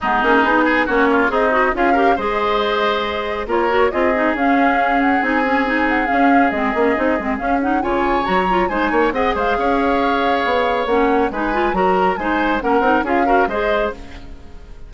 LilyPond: <<
  \new Staff \with { instrumentName = "flute" } { \time 4/4 \tempo 4 = 138 gis'2 cis''4 dis''4 | f''4 dis''2. | cis''4 dis''4 f''4. fis''8 | gis''4. fis''8 f''4 dis''4~ |
dis''4 f''8 fis''8 gis''4 ais''4 | gis''4 fis''8 f''2~ f''8~ | f''4 fis''4 gis''4 ais''4 | gis''4 fis''4 f''4 dis''4 | }
  \new Staff \with { instrumentName = "oboe" } { \time 4/4 dis'4. gis'8 fis'8 f'8 dis'4 | gis'8 ais'8 c''2. | ais'4 gis'2.~ | gis'1~ |
gis'2 cis''2 | c''8 cis''8 dis''8 c''8 cis''2~ | cis''2 b'4 ais'4 | c''4 ais'4 gis'8 ais'8 c''4 | }
  \new Staff \with { instrumentName = "clarinet" } { \time 4/4 b8 cis'8 dis'4 cis'4 gis'8 fis'8 | f'8 g'8 gis'2. | f'8 fis'8 f'8 dis'8 cis'2 | dis'8 cis'8 dis'4 cis'4 c'8 cis'8 |
dis'8 c'8 cis'8 dis'8 f'4 fis'8 f'8 | dis'4 gis'2.~ | gis'4 cis'4 dis'8 f'8 fis'4 | dis'4 cis'8 dis'8 f'8 fis'8 gis'4 | }
  \new Staff \with { instrumentName = "bassoon" } { \time 4/4 gis8 ais8 b4 ais4 c'4 | cis'4 gis2. | ais4 c'4 cis'2 | c'2 cis'4 gis8 ais8 |
c'8 gis8 cis'4 cis4 fis4 | gis8 ais8 c'8 gis8 cis'2 | b4 ais4 gis4 fis4 | gis4 ais8 c'8 cis'4 gis4 | }
>>